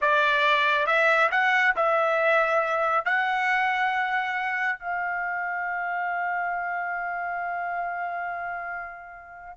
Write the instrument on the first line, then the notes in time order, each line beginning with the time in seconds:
trumpet
0.01 D5
0.86 E5
1.31 F#5
1.75 E5
3.05 F#5
4.79 F5